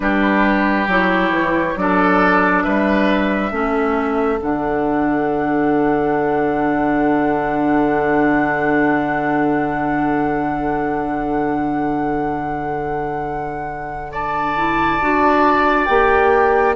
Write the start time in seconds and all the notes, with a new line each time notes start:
0.00 G3 D4 G4 B4
0.87 F#3 E4 C#5
1.30 E3
1.75 F#3 D4 A4 D5
2.62 G3 B4 E5
3.50 A3 C#4 A4
4.40 D3 D4 F#5
14.11 D5 A5
14.56 E4
15.00 D4 F#4
15.85 A#3 G4 G5